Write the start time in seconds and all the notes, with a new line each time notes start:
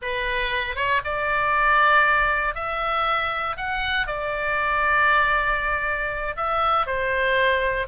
0.02 B4
0.75 C#5
1.04 D5
2.54 E5
3.57 F#5
4.06 D5
6.36 E5
6.86 C5